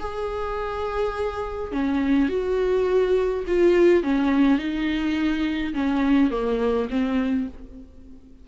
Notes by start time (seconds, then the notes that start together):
0.00 G#4
1.72 C#4
2.29 F#4
3.47 F4
4.04 C#4
4.59 D#4
5.74 C#4
6.31 A#3
6.90 C4